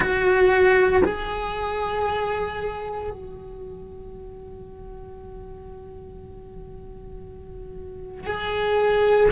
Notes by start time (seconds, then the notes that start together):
0.00 F#4
1.03 G#4
3.10 F#4
8.26 G#4